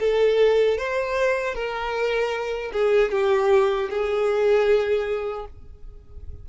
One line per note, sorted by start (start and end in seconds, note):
0.00 0.78 A4
0.78 1.55 C5
1.55 2.72 A#4
2.73 3.11 G#4
3.11 3.89 G4
3.90 5.46 G#4